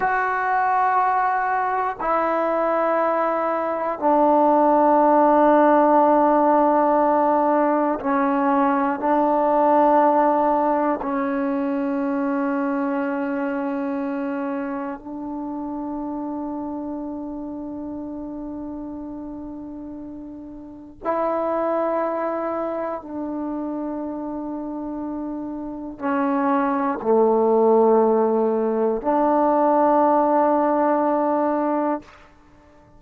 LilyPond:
\new Staff \with { instrumentName = "trombone" } { \time 4/4 \tempo 4 = 60 fis'2 e'2 | d'1 | cis'4 d'2 cis'4~ | cis'2. d'4~ |
d'1~ | d'4 e'2 d'4~ | d'2 cis'4 a4~ | a4 d'2. | }